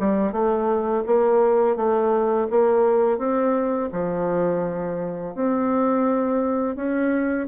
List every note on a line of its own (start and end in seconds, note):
0.00 0.32 G3
0.32 1.04 A3
1.06 1.76 A#3
1.76 2.48 A3
2.50 3.18 A#3
3.18 3.90 C4
3.93 5.35 F3
5.35 6.76 C4
6.76 7.47 C#4